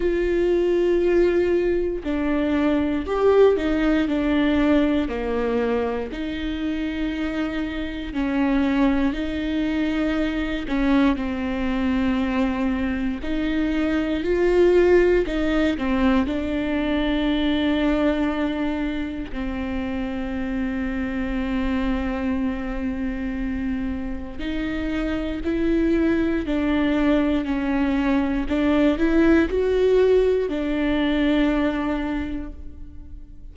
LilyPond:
\new Staff \with { instrumentName = "viola" } { \time 4/4 \tempo 4 = 59 f'2 d'4 g'8 dis'8 | d'4 ais4 dis'2 | cis'4 dis'4. cis'8 c'4~ | c'4 dis'4 f'4 dis'8 c'8 |
d'2. c'4~ | c'1 | dis'4 e'4 d'4 cis'4 | d'8 e'8 fis'4 d'2 | }